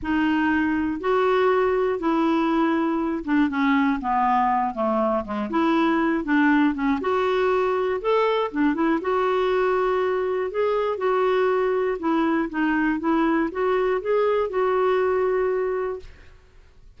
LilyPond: \new Staff \with { instrumentName = "clarinet" } { \time 4/4 \tempo 4 = 120 dis'2 fis'2 | e'2~ e'8 d'8 cis'4 | b4. a4 gis8 e'4~ | e'8 d'4 cis'8 fis'2 |
a'4 d'8 e'8 fis'2~ | fis'4 gis'4 fis'2 | e'4 dis'4 e'4 fis'4 | gis'4 fis'2. | }